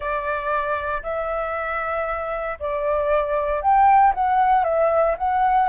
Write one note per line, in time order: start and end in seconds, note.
0.00 1.01 D5
1.02 2.57 E5
2.59 3.61 D5
3.61 4.13 G5
4.14 4.64 F#5
4.64 5.15 E5
5.17 5.68 F#5